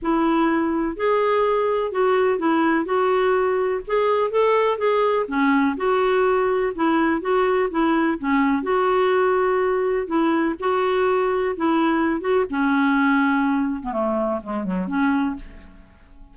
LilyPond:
\new Staff \with { instrumentName = "clarinet" } { \time 4/4 \tempo 4 = 125 e'2 gis'2 | fis'4 e'4 fis'2 | gis'4 a'4 gis'4 cis'4 | fis'2 e'4 fis'4 |
e'4 cis'4 fis'2~ | fis'4 e'4 fis'2 | e'4. fis'8 cis'2~ | cis'8. b16 a4 gis8 fis8 cis'4 | }